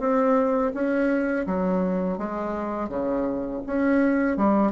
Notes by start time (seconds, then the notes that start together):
0.00 C4
0.74 C#4
1.47 F#3
2.19 G#3
2.89 C#3
3.67 C#4
4.37 G3